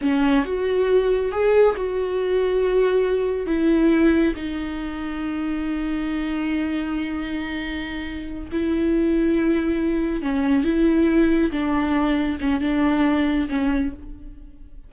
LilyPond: \new Staff \with { instrumentName = "viola" } { \time 4/4 \tempo 4 = 138 cis'4 fis'2 gis'4 | fis'1 | e'2 dis'2~ | dis'1~ |
dis'2.~ dis'8 e'8~ | e'2.~ e'8 cis'8~ | cis'8 e'2 d'4.~ | d'8 cis'8 d'2 cis'4 | }